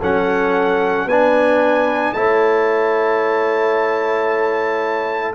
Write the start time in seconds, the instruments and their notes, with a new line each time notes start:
0.00 tuba F#3, trombone C#4, horn A4, trumpet F#5
1.06 tuba B3, trombone D4, horn B4, trumpet G#5
2.13 tuba A3, trombone E4, horn C#5, trumpet A5